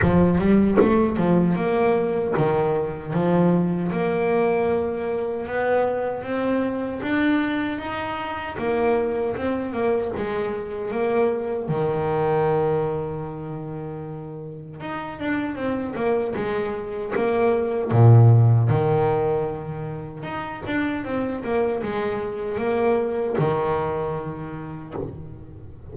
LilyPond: \new Staff \with { instrumentName = "double bass" } { \time 4/4 \tempo 4 = 77 f8 g8 a8 f8 ais4 dis4 | f4 ais2 b4 | c'4 d'4 dis'4 ais4 | c'8 ais8 gis4 ais4 dis4~ |
dis2. dis'8 d'8 | c'8 ais8 gis4 ais4 ais,4 | dis2 dis'8 d'8 c'8 ais8 | gis4 ais4 dis2 | }